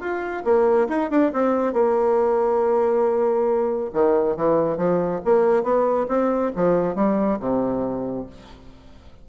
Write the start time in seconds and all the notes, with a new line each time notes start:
0.00 F4
0.44 A#3
0.88 D#4
1.10 D4
1.33 C4
1.73 A#3
3.93 D#3
4.36 E3
4.77 F3
5.25 A#3
5.63 B3
6.08 C4
6.55 F3
6.95 G3
7.39 C3